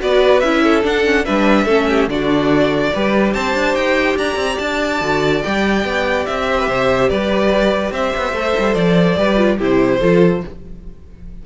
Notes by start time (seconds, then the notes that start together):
0.00 B3 F#4 B4 D5
0.40 C#4 E4 E5
0.63 A4
0.83 D4 F#5
1.04 C#4
1.25 G3 D4 B4 E5
1.64 A3 C#4 A4
1.89 G4
2.07 D3 D4 F#4 D5
2.93 G3 G4 B4
3.34 C4 C5 A5
3.54 D4
3.75 D#4 G5
4.17 D4 D5 A#5
4.36 C4
4.58 D4 A5
5.01 D3 F#4
5.43 G3 G4 G5
5.84 B3
6.26 C4 E5
6.50 C5
6.59 B4
6.68 C3 C5
7.09 G3 B4 D5
7.91 C4 C5 E5
8.17 B3
8.33 A3 A4
8.59 G3
8.75 F3 D5
9.17 G3 G4 B4
9.37 F4
9.58 C3 E4 G4 C5
10.00 F3 F4 A4